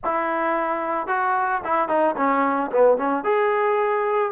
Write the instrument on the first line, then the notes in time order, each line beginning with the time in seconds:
trombone
0.04 E4
1.07 F#4
1.64 E4
1.88 D#4
2.16 C#4
2.71 B3
2.97 C#4
3.23 G#4